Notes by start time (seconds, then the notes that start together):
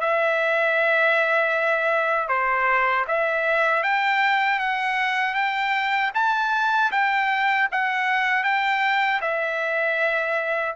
0.00 E5
2.28 C5
3.07 E5
3.83 G5
4.59 F#5
5.34 G5
6.14 A5
6.91 G5
7.71 F#5
8.43 G5
9.21 E5